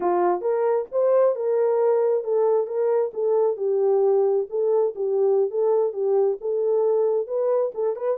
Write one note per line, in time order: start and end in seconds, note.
0.00 0.41 F4
0.41 0.86 A#4
0.91 1.35 C5
1.35 2.24 A#4
2.24 2.66 A4
2.66 3.11 A#4
3.13 3.56 A4
3.56 4.46 G4
4.49 4.94 A4
4.95 5.50 G4
5.50 5.92 A4
5.92 6.37 G4
6.40 7.27 A4
7.27 7.72 B4
7.74 7.96 A4
7.96 8.17 B4